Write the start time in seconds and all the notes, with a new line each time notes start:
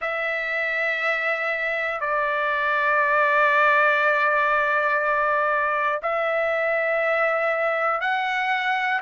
0.00 E5
2.00 D5
6.02 E5
8.00 F#5